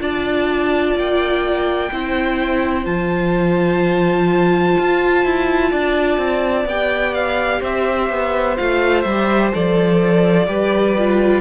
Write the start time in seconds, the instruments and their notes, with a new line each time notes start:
0.00 cello D4, viola F4, violin D5 A5
0.95 cello A#3, violin G5
1.92 cello C4, viola E4, violin C5
2.85 cello F3, viola F4, violin A5
4.79 cello F4
5.25 cello E4
5.71 cello D4, violin D5
6.18 cello C4
6.65 cello B3, viola G4, violin G5
7.14 violin F5
7.61 cello C4, violin C5 E5
8.10 cello B3
8.58 cello A3, viola F4, violin F5
9.02 cello G3, violin E5
9.09 viola G4
9.53 cello F3, viola A4, violin D5
10.47 cello G3, viola G4, violin B4
10.98 viola F4